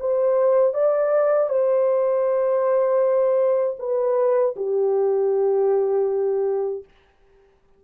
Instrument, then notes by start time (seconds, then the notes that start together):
horn
0.00 C5
0.74 D5
1.49 C5
3.79 B4
4.57 G4